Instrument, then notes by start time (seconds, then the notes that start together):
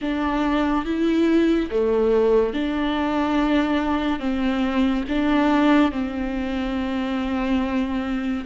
viola
0.01 D4
0.85 E4
1.70 A3
2.54 D4
4.19 C4
5.08 D4
5.91 C4